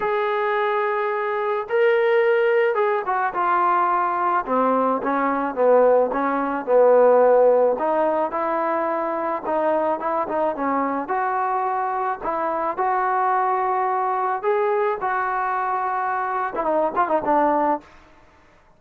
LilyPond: \new Staff \with { instrumentName = "trombone" } { \time 4/4 \tempo 4 = 108 gis'2. ais'4~ | ais'4 gis'8 fis'8 f'2 | c'4 cis'4 b4 cis'4 | b2 dis'4 e'4~ |
e'4 dis'4 e'8 dis'8 cis'4 | fis'2 e'4 fis'4~ | fis'2 gis'4 fis'4~ | fis'4.~ fis'16 e'16 dis'8 f'16 dis'16 d'4 | }